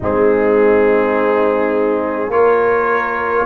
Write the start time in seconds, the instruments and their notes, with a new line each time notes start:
0.00 tuba G#3, trombone C4, horn D#4, trumpet G#4
2.28 tuba A#3, trombone F4, horn A#4, trumpet C#5